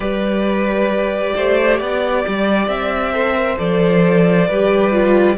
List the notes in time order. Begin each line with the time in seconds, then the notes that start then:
0.00 G3 G4 B4 D5
1.36 A3 C5
1.78 B3 D5
2.27 G3
2.67 C4 E5
3.12 A4 C5
3.34 A#4
3.57 F3 A4 D5
4.47 G3 G4 B4
4.92 F4